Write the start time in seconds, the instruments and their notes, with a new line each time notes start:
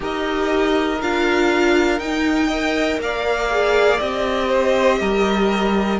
0.00 cello D#4, viola G4, violin A#4 D#5
1.01 cello D4, viola F4, violin F5
1.99 cello D#4, viola D#4, violin G5
2.47 viola A#4, violin D#5
2.99 cello A#3, violin D5 F5
3.50 viola G#4
3.99 cello C4, viola G4, violin D#5
4.48 violin C5
5.00 cello G3, violin A#4